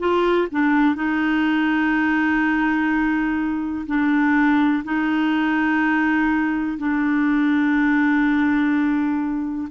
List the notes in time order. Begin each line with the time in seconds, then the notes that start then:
0.00 F4
0.52 D4
0.96 D#4
3.87 D4
4.84 D#4
6.78 D4